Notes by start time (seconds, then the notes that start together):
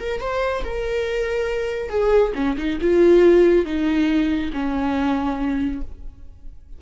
0.00 A#4
0.21 C5
0.65 A#4
1.90 G#4
2.36 C#4
2.58 D#4
2.81 F4
3.66 D#4
4.53 C#4